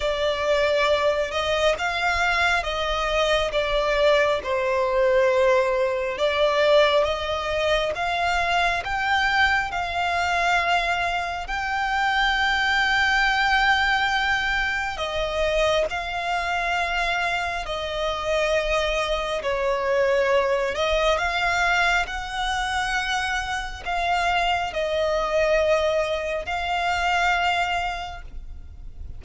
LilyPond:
\new Staff \with { instrumentName = "violin" } { \time 4/4 \tempo 4 = 68 d''4. dis''8 f''4 dis''4 | d''4 c''2 d''4 | dis''4 f''4 g''4 f''4~ | f''4 g''2.~ |
g''4 dis''4 f''2 | dis''2 cis''4. dis''8 | f''4 fis''2 f''4 | dis''2 f''2 | }